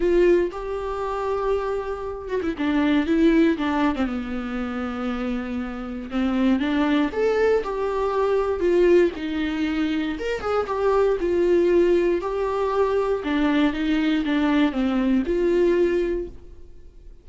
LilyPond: \new Staff \with { instrumentName = "viola" } { \time 4/4 \tempo 4 = 118 f'4 g'2.~ | g'8 fis'16 e'16 d'4 e'4 d'8. c'16 | b1 | c'4 d'4 a'4 g'4~ |
g'4 f'4 dis'2 | ais'8 gis'8 g'4 f'2 | g'2 d'4 dis'4 | d'4 c'4 f'2 | }